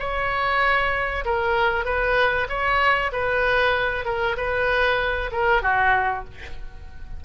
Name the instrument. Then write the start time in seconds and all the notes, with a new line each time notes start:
oboe
0.00 C#5
1.26 A#4
1.85 B4
2.49 C#5
3.13 B4
4.05 A#4
4.38 B4
5.32 A#4
5.63 F#4